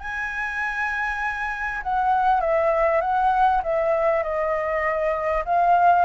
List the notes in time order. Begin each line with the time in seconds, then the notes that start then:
0.00 G#5
1.83 F#5
2.41 E5
3.01 F#5
3.63 E5
4.23 D#5
5.45 F5